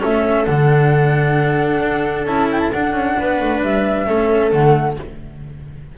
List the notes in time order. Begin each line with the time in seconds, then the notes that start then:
0.00 A3 C#4 A4 E5
0.45 D3 D4 F#5
1.81 D4
2.25 C#4 E4 A5
2.52 G5
2.60 A5
2.72 D4 F#5
2.93 C#4
3.19 B3 B4
3.41 A3
3.62 G3 E5
4.07 A3 C#4 A4
4.52 D3 A3 F#5